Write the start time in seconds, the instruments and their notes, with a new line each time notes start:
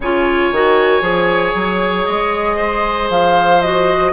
0.00 bassoon C#3, clarinet F4, oboe C#5, flute G#5
0.51 bassoon D#3, clarinet F#4
1.01 bassoon F3, clarinet G#4
1.54 bassoon F#3
2.05 bassoon G#3, flute D#5
2.56 oboe C5
3.09 bassoon F3, flute F5
3.61 clarinet F#4, flute D#5